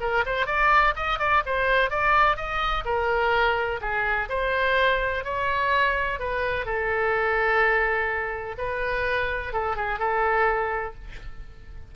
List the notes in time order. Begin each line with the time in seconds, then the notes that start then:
0.00 A#4
0.26 C5
0.46 D5
0.95 D#5
1.19 D5
1.45 C5
1.90 D5
2.36 D#5
2.85 A#4
3.81 G#4
4.29 C5
5.24 C#5
6.19 B4
6.65 A4
8.58 B4
9.53 A4
9.76 G#4
9.99 A4